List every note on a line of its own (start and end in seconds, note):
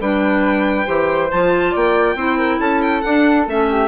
0.00 0.86 G3
0.00 0.85 D4
0.00 0.86 B4
0.00 1.31 G5
0.85 1.30 E3
0.85 1.28 G4
0.85 1.71 C5
1.31 1.75 F3
1.31 2.16 F4
1.31 1.74 A5
1.71 2.15 A#3
1.71 2.14 D5
1.71 2.60 G5
2.15 2.58 C4
2.15 3.03 E4
2.15 2.37 C5
2.37 2.59 A#4
2.59 3.02 C#4
2.59 3.68 A4
2.59 2.81 A5
2.82 3.01 G5
3.01 3.46 D4
3.01 3.47 D4
3.01 3.45 F#5
3.47 3.88 A3
3.47 3.88 C#4
3.47 3.88 E5
3.70 3.88 G4